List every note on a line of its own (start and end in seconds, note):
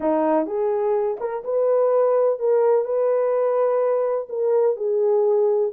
0.00 0.46 D#4
0.46 1.17 G#4
1.19 1.43 A#4
1.44 2.39 B4
2.39 2.84 A#4
2.84 4.27 B4
4.29 4.76 A#4
4.76 5.71 G#4